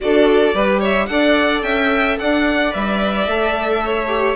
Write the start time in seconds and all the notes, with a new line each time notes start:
0.00 D4 F#4 A4 D5
0.54 G3 G4 B4
0.79 C#5 E5
1.06 D4 A4 D5 F#5
1.62 C#4 E5 G5
2.19 D4 D5 F#5
2.70 G3 B4 E5
3.27 A3 A4
3.84 C#5
4.07 G4